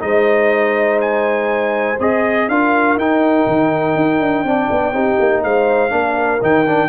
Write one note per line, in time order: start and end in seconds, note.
0.00 1.99 G#3
0.00 1.97 D#4
0.00 2.50 C5
0.00 1.00 D#5
1.01 1.99 G#5
2.00 2.49 C4
2.00 2.50 G#4
2.00 2.49 D#5
2.49 2.97 D4
2.49 3.00 F4
2.49 4.47 A#4
2.49 2.98 F5
2.97 3.46 D#4
2.97 4.46 D#4
2.97 5.44 G5
3.47 3.96 D#3
3.96 4.20 D#4
4.20 4.44 D4
4.44 4.69 C4
4.44 4.93 D4
4.44 4.94 D5
4.71 4.93 B3
4.93 5.18 C4
4.93 5.90 D#4
4.93 5.43 G4
5.20 5.44 A#3
5.44 5.92 G#3
5.44 5.94 C5
5.44 6.42 F5
5.90 6.41 A#3
5.90 6.39 D4
5.90 6.89 A#4
6.42 6.89 D#3
6.42 6.66 D#4
6.42 6.89 G5
6.67 6.89 D4